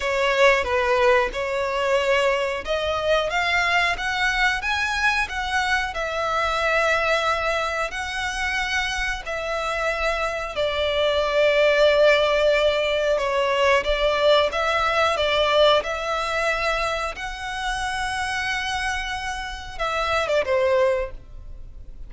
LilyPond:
\new Staff \with { instrumentName = "violin" } { \time 4/4 \tempo 4 = 91 cis''4 b'4 cis''2 | dis''4 f''4 fis''4 gis''4 | fis''4 e''2. | fis''2 e''2 |
d''1 | cis''4 d''4 e''4 d''4 | e''2 fis''2~ | fis''2 e''8. d''16 c''4 | }